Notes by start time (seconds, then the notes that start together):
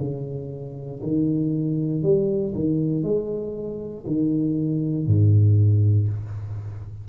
0.00 C#3
1.03 D#3
2.03 G3
2.55 D#3
3.03 G#3
4.07 D#3
5.07 G#2